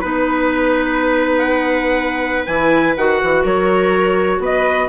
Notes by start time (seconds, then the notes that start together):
0.00 B3 D#4 B4
1.38 F#5
2.46 E3 E4 G#5
2.96 D#3 F#4 F#5
3.23 E3
3.43 F#3 A#4 C#5
4.39 B3 B4 D#5